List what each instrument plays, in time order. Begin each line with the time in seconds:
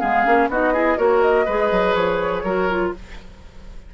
0.00 bassoon G#3, clarinet B3, oboe G#4, flute F5
0.26 bassoon A#3, clarinet C#4
0.49 bassoon B3, clarinet D#4, oboe F#4, flute D#5
0.74 clarinet E4, oboe G#4
0.97 bassoon A#3, clarinet F#4, oboe A#4, flute C#5
1.23 flute D#5
1.46 bassoon G#3, clarinet G#4, oboe B4
1.72 bassoon F#3
1.95 bassoon F3, flute C#5
2.44 bassoon F#3, clarinet F#4, oboe A#4
2.70 clarinet F4